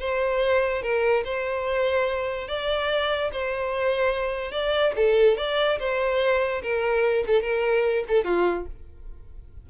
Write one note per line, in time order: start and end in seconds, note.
0.00 0.83 C5
0.83 1.24 A#4
1.25 2.48 C5
2.48 3.31 D5
3.33 4.52 C5
4.52 4.93 D5
4.96 5.38 A4
5.38 5.79 D5
5.80 6.62 C5
6.63 7.25 A#4
7.27 7.43 A4
7.43 8.05 A#4
8.08 8.25 A4
8.25 8.66 F4